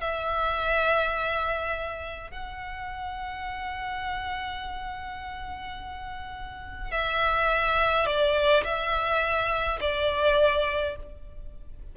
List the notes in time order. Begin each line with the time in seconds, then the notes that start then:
0.00 E5
2.31 F#5
6.91 E5
8.05 D5
8.64 E5
9.80 D5